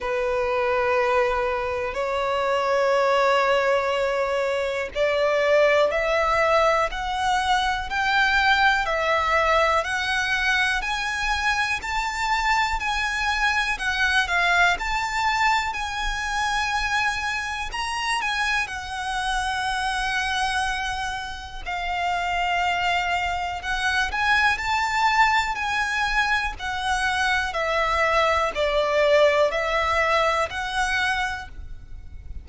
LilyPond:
\new Staff \with { instrumentName = "violin" } { \time 4/4 \tempo 4 = 61 b'2 cis''2~ | cis''4 d''4 e''4 fis''4 | g''4 e''4 fis''4 gis''4 | a''4 gis''4 fis''8 f''8 a''4 |
gis''2 ais''8 gis''8 fis''4~ | fis''2 f''2 | fis''8 gis''8 a''4 gis''4 fis''4 | e''4 d''4 e''4 fis''4 | }